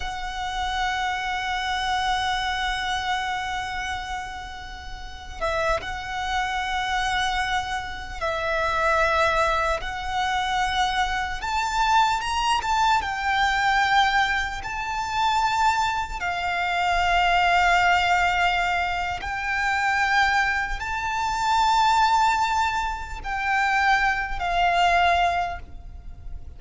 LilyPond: \new Staff \with { instrumentName = "violin" } { \time 4/4 \tempo 4 = 75 fis''1~ | fis''2~ fis''8. e''8 fis''8.~ | fis''2~ fis''16 e''4.~ e''16~ | e''16 fis''2 a''4 ais''8 a''16~ |
a''16 g''2 a''4.~ a''16~ | a''16 f''2.~ f''8. | g''2 a''2~ | a''4 g''4. f''4. | }